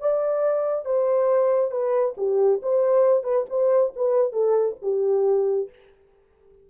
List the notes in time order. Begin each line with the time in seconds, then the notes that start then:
0.00 D5
0.85 C5
1.71 B4
2.17 G4
2.63 C5
3.24 B4
3.50 C5
3.96 B4
4.32 A4
4.82 G4